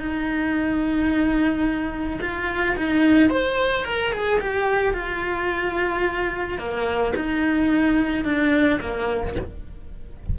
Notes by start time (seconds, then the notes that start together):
0.00 D#4
2.21 F4
2.77 D#4
3.30 C5
3.85 A#4
4.13 G#4
4.40 G4
4.94 F4
6.59 A#3
7.16 D#4
8.25 D4
8.81 A#3